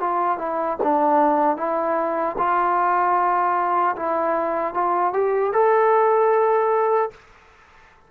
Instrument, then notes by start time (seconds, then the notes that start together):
trombone
0.00 F4
0.38 E4
0.83 D4
1.57 E4
2.38 F4
3.96 E4
4.74 F4
5.13 G4
5.53 A4